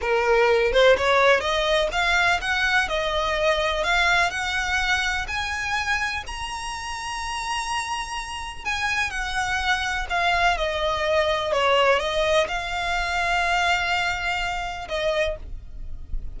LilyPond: \new Staff \with { instrumentName = "violin" } { \time 4/4 \tempo 4 = 125 ais'4. c''8 cis''4 dis''4 | f''4 fis''4 dis''2 | f''4 fis''2 gis''4~ | gis''4 ais''2.~ |
ais''2 gis''4 fis''4~ | fis''4 f''4 dis''2 | cis''4 dis''4 f''2~ | f''2. dis''4 | }